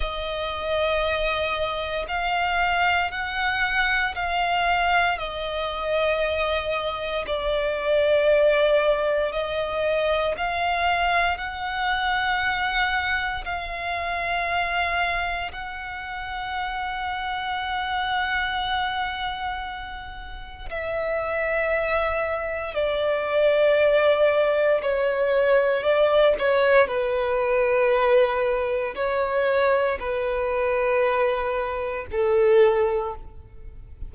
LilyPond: \new Staff \with { instrumentName = "violin" } { \time 4/4 \tempo 4 = 58 dis''2 f''4 fis''4 | f''4 dis''2 d''4~ | d''4 dis''4 f''4 fis''4~ | fis''4 f''2 fis''4~ |
fis''1 | e''2 d''2 | cis''4 d''8 cis''8 b'2 | cis''4 b'2 a'4 | }